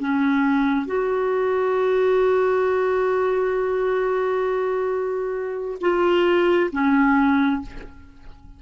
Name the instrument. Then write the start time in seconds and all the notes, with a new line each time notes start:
clarinet
0.00 C#4
0.86 F#4
5.81 F4
6.72 C#4